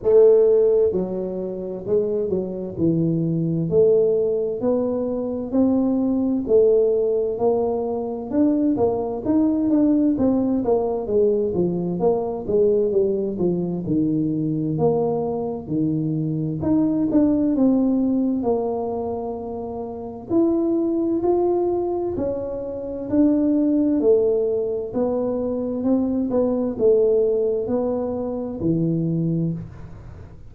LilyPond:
\new Staff \with { instrumentName = "tuba" } { \time 4/4 \tempo 4 = 65 a4 fis4 gis8 fis8 e4 | a4 b4 c'4 a4 | ais4 d'8 ais8 dis'8 d'8 c'8 ais8 | gis8 f8 ais8 gis8 g8 f8 dis4 |
ais4 dis4 dis'8 d'8 c'4 | ais2 e'4 f'4 | cis'4 d'4 a4 b4 | c'8 b8 a4 b4 e4 | }